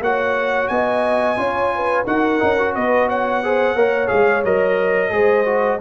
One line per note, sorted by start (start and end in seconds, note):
0.00 0.68 A#3
0.00 1.37 F#4
0.00 0.71 C#5
0.00 0.68 F#5
0.68 1.37 B3
0.68 1.39 D#5
0.68 2.04 G#5
1.37 2.05 C#4
1.37 2.05 F4
1.37 1.73 C#5
1.75 2.06 B4
2.06 2.41 D#4
2.06 2.39 F#4
2.06 2.75 A#4
2.06 2.74 F#5
2.39 2.76 C#4
2.39 2.56 D#4
2.58 3.43 F#4
2.75 3.75 B3
2.75 3.08 B4
2.75 3.09 D#5
3.08 3.42 C#5
3.08 4.08 F#5
3.44 3.76 G#4
3.44 3.75 C5
3.75 4.09 A#3
3.75 4.07 A#4
3.75 5.12 C#5
4.07 4.44 G#3
4.07 4.41 G#4
4.07 4.42 F5
4.44 5.11 F#3
4.44 5.10 A#4
4.44 5.81 D#5
5.10 5.80 G#3
5.10 5.44 G#4
5.10 5.81 C5
5.45 5.79 F#4